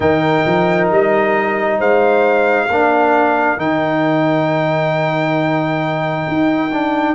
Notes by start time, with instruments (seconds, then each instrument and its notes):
0.00 tuba D#3, trombone D#4, horn A#4, trumpet G5
0.46 tuba F3
0.90 tuba G3, trumpet D#5
1.78 tuba G#3, horn C5, trumpet F5
2.67 tuba A#3, trombone D4, horn A#4
3.57 tuba D#3, trombone D#4, trumpet G5
6.27 tuba D#4
6.72 trombone D4